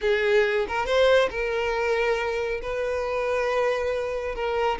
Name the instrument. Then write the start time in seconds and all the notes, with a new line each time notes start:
violin
0.01 G#4
0.68 A#4
0.86 C5
1.30 A#4
2.62 B4
4.35 A#4